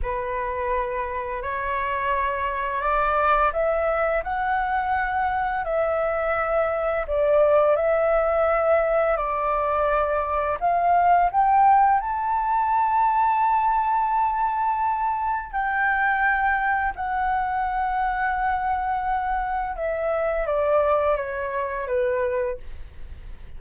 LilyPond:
\new Staff \with { instrumentName = "flute" } { \time 4/4 \tempo 4 = 85 b'2 cis''2 | d''4 e''4 fis''2 | e''2 d''4 e''4~ | e''4 d''2 f''4 |
g''4 a''2.~ | a''2 g''2 | fis''1 | e''4 d''4 cis''4 b'4 | }